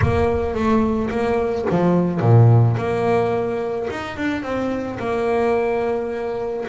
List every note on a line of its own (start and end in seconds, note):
0.01 0.54 A#3
0.54 1.09 A3
1.10 1.65 A#3
1.70 2.20 F3
2.20 2.76 A#2
2.77 3.88 A#3
3.90 4.16 D#4
4.16 4.42 D4
4.42 4.98 C4
4.99 6.65 A#3